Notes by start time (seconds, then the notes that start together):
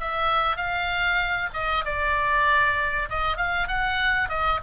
0.00 E5
0.57 F5
1.53 D#5
1.85 D5
3.09 D#5
3.37 F5
3.67 F#5
4.29 D#5